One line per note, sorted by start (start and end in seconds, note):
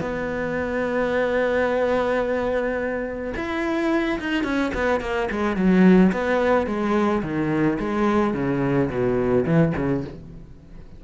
0.00 3.33 B3
3.36 4.19 E4
4.19 4.43 D#4
4.43 4.71 C#4
4.74 5.00 B3
5.00 5.28 A#3
5.31 5.56 G#3
5.56 6.11 F#3
6.12 6.66 B3
6.66 7.22 G#3
7.22 7.78 D#3
7.79 8.34 G#3
8.34 8.89 C#3
8.89 9.45 B2
9.45 9.73 E3
9.76 10.04 C#3